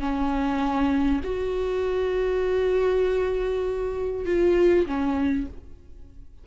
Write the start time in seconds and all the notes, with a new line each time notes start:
0.00 C#4
1.24 F#4
4.26 F4
4.87 C#4